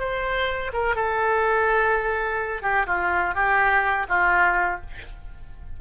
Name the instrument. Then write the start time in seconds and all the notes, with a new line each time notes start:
oboe
0.00 C5
0.73 A#4
0.96 A4
2.63 G4
2.87 F4
3.35 G4
4.09 F4